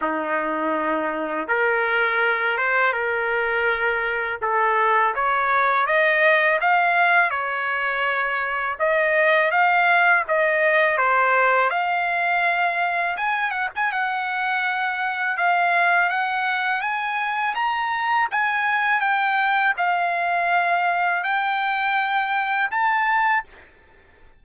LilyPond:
\new Staff \with { instrumentName = "trumpet" } { \time 4/4 \tempo 4 = 82 dis'2 ais'4. c''8 | ais'2 a'4 cis''4 | dis''4 f''4 cis''2 | dis''4 f''4 dis''4 c''4 |
f''2 gis''8 fis''16 gis''16 fis''4~ | fis''4 f''4 fis''4 gis''4 | ais''4 gis''4 g''4 f''4~ | f''4 g''2 a''4 | }